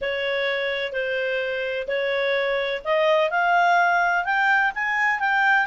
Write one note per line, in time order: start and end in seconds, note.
0.01 0.92 C#5
0.92 1.87 C5
1.87 2.82 C#5
2.84 3.30 D#5
3.30 4.24 F5
4.24 4.71 G5
4.74 5.19 G#5
5.19 5.66 G5